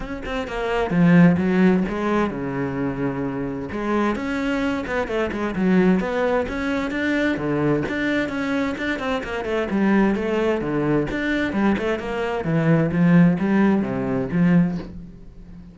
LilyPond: \new Staff \with { instrumentName = "cello" } { \time 4/4 \tempo 4 = 130 cis'8 c'8 ais4 f4 fis4 | gis4 cis2. | gis4 cis'4. b8 a8 gis8 | fis4 b4 cis'4 d'4 |
d4 d'4 cis'4 d'8 c'8 | ais8 a8 g4 a4 d4 | d'4 g8 a8 ais4 e4 | f4 g4 c4 f4 | }